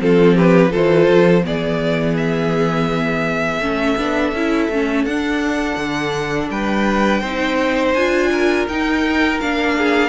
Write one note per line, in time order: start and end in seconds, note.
0.00 0.72 F3
0.00 0.70 C4
0.00 0.35 F4
0.00 0.37 A4
0.35 0.71 G4
0.35 0.73 B4
0.70 1.09 E3
0.70 1.42 F4
0.70 1.43 A4
0.70 1.45 C5
1.09 1.45 F3
1.45 3.59 E3
1.45 3.61 B3
1.45 3.63 G#4
1.45 2.16 D5
2.16 5.05 E5
3.59 3.95 A3
3.59 3.98 C#4
3.59 6.52 A4
3.98 4.33 B3
3.98 4.34 D4
4.33 4.69 C#4
4.33 4.72 E4
4.70 5.06 A3
4.70 5.09 C#4
5.05 5.77 D4
5.05 7.25 D4
5.05 6.50 F#5
5.77 6.49 D3
6.51 7.22 G3
6.51 7.21 B4
6.51 7.94 G5
7.21 7.94 C4
7.21 7.97 D#4
7.21 8.30 C5
7.94 8.67 D4
7.94 8.69 F4
7.94 8.66 G#5
8.32 9.77 A#4
8.68 9.41 D#4
8.68 9.42 D#4
8.68 9.40 G5
9.40 10.09 A#3
9.40 10.09 D4
9.40 10.09 F5
9.78 10.09 G#4